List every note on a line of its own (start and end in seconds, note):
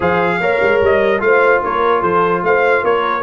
0.00 0.40 F3
0.00 0.41 G#4
0.00 0.38 C5
0.00 0.82 F5
0.40 0.60 A#3
0.40 1.19 A#4
0.40 1.21 C#5
0.62 0.81 G#3
0.81 1.20 G3
0.81 1.21 D#5
1.19 1.60 A3
1.19 3.21 F4
1.19 1.62 C5
1.19 1.61 F5
1.62 2.02 A#3
1.62 2.01 A#4
1.62 2.02 C#5
2.01 2.42 F3
2.01 2.41 A4
2.01 2.43 C5
2.42 2.82 A3
2.42 2.83 C5
2.42 2.84 F5
2.83 3.23 A#3
2.83 3.23 A#4
2.83 3.23 C#5